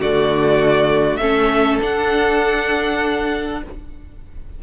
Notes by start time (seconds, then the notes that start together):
0.00 D3 A3 F#4 D5
1.16 A3 C#4 A4 E5
1.80 D4 F#5